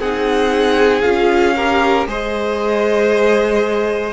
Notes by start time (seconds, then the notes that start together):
0.00 C4 D#4 G#4 F#5
1.02 C#4 F4 F5
1.56 G4 A#4
2.07 G#3 G#4 C5 D#5